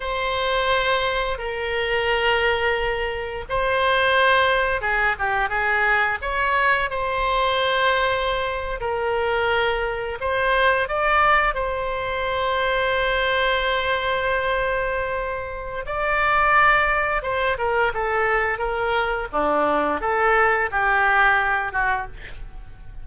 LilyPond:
\new Staff \with { instrumentName = "oboe" } { \time 4/4 \tempo 4 = 87 c''2 ais'2~ | ais'4 c''2 gis'8 g'8 | gis'4 cis''4 c''2~ | c''8. ais'2 c''4 d''16~ |
d''8. c''2.~ c''16~ | c''2. d''4~ | d''4 c''8 ais'8 a'4 ais'4 | d'4 a'4 g'4. fis'8 | }